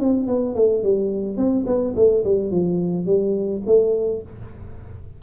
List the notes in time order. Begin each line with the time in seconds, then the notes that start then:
0.00 C4
0.27 B3
0.55 A3
0.83 G3
1.37 C4
1.66 B3
1.96 A3
2.24 G3
2.51 F3
3.06 G3
3.66 A3